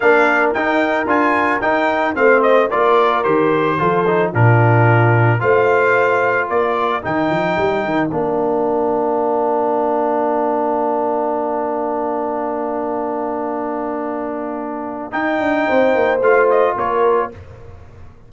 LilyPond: <<
  \new Staff \with { instrumentName = "trumpet" } { \time 4/4 \tempo 4 = 111 f''4 g''4 gis''4 g''4 | f''8 dis''8 d''4 c''2 | ais'2 f''2 | d''4 g''2 f''4~ |
f''1~ | f''1~ | f''1 | g''2 f''8 dis''8 cis''4 | }
  \new Staff \with { instrumentName = "horn" } { \time 4/4 ais'1 | c''4 ais'2 a'4 | f'2 c''2 | ais'1~ |
ais'1~ | ais'1~ | ais'1~ | ais'4 c''2 ais'4 | }
  \new Staff \with { instrumentName = "trombone" } { \time 4/4 d'4 dis'4 f'4 dis'4 | c'4 f'4 g'4 f'8 dis'8 | d'2 f'2~ | f'4 dis'2 d'4~ |
d'1~ | d'1~ | d'1 | dis'2 f'2 | }
  \new Staff \with { instrumentName = "tuba" } { \time 4/4 ais4 dis'4 d'4 dis'4 | a4 ais4 dis4 f4 | ais,2 a2 | ais4 dis8 f8 g8 dis8 ais4~ |
ais1~ | ais1~ | ais1 | dis'8 d'8 c'8 ais8 a4 ais4 | }
>>